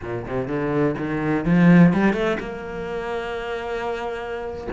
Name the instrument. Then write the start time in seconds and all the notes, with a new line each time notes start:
cello
0.02 A#2
0.26 C3
0.47 D3
0.98 D#3
1.45 F3
1.93 G3
2.13 A3
2.39 A#3